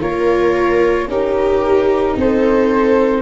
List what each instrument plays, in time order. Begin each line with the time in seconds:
0.00 tuba A#3, viola F4 A#4, flute C#5
1.07 tuba C#4, viola D#4 G4, flute A#4
2.16 tuba C4, viola A4, flute C5